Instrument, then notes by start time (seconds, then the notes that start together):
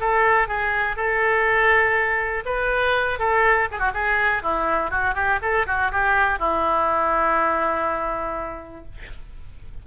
oboe
0.00 A4
0.48 G#4
0.96 A4
2.45 B4
3.19 A4
3.71 G#4
3.79 F#4
3.94 G#4
4.42 E4
4.90 F#4
5.15 G4
5.42 A4
5.66 F#4
5.92 G4
6.39 E4